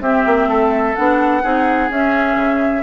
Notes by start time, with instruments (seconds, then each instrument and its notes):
0.00 bassoon C4, clarinet C4, oboe G4, flute E5
0.25 bassoon A#3
0.47 bassoon A3, oboe A4
0.95 bassoon B3, clarinet D4, flute F#5
1.42 bassoon C4, clarinet D#4, oboe G#4
1.89 bassoon C#4, clarinet C#4, flute E5
2.35 bassoon C#3